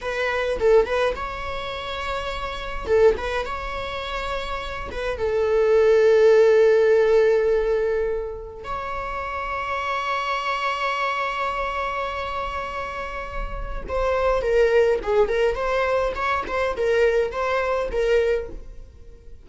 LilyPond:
\new Staff \with { instrumentName = "viola" } { \time 4/4 \tempo 4 = 104 b'4 a'8 b'8 cis''2~ | cis''4 a'8 b'8 cis''2~ | cis''8 b'8 a'2.~ | a'2. cis''4~ |
cis''1~ | cis''1 | c''4 ais'4 gis'8 ais'8 c''4 | cis''8 c''8 ais'4 c''4 ais'4 | }